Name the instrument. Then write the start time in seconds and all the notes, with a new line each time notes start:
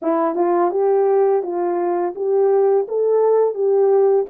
horn
0.02 E4
0.35 F4
0.71 G4
1.42 F4
2.15 G4
2.87 A4
3.54 G4